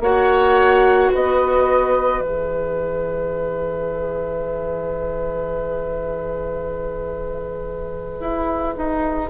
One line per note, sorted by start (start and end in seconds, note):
0.00 1.09 A#3
0.00 2.21 F#4
0.00 1.11 C#5
0.00 1.11 F#5
1.11 2.19 B3
1.11 9.30 B4
1.11 2.21 D#5
2.19 8.19 E3
2.19 9.30 G#4
2.19 9.30 E5
8.20 8.75 E4
8.77 9.30 D#4